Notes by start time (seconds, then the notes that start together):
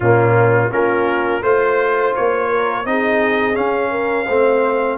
0.00 A#2 A#3 C#4 F4
0.70 A#3 C#4 F4 A#4
1.42 A3 F4 C5
2.15 A#3 C#5
2.49 A#4
2.85 C4 D#4 G#4 D#5
3.54 C#4 F5
3.90 A#4
4.25 A3 C4 C5